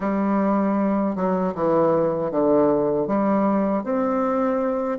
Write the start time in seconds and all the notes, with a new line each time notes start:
0.00 G3
1.15 F#3
1.54 E3
2.31 D3
3.07 G3
3.83 C4